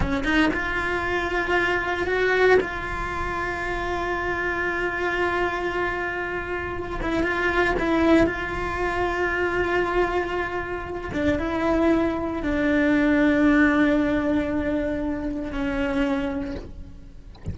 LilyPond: \new Staff \with { instrumentName = "cello" } { \time 4/4 \tempo 4 = 116 cis'8 dis'8 f'2. | fis'4 f'2.~ | f'1~ | f'4. e'8 f'4 e'4 |
f'1~ | f'4. d'8 e'2 | d'1~ | d'2 cis'2 | }